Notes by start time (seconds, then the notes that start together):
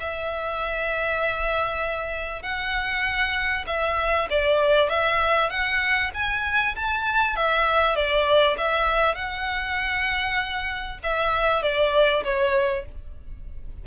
0.00 E5
2.43 F#5
3.67 E5
4.30 D5
4.90 E5
5.50 F#5
6.14 G#5
6.76 A5
7.36 E5
7.96 D5
8.58 E5
9.15 F#5
11.03 E5
11.63 D5
12.24 C#5